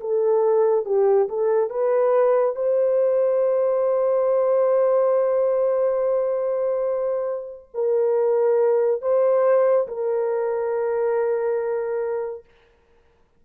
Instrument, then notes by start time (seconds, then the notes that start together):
horn
0.00 A4
0.85 G4
1.29 A4
1.69 B4
2.55 C5
7.74 A#4
9.01 C5
9.87 A#4